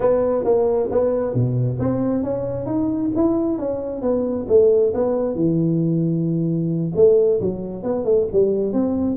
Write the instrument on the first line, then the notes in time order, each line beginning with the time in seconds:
tuba
0.00 B3
0.44 A#3
0.91 B3
1.34 B2
1.79 C4
2.23 C#4
2.66 D#4
3.15 E4
3.58 C#4
4.01 B3
4.48 A3
4.94 B3
5.35 E3
6.95 A3
7.40 F#3
7.83 B3
8.05 A3
8.32 G3
8.73 C4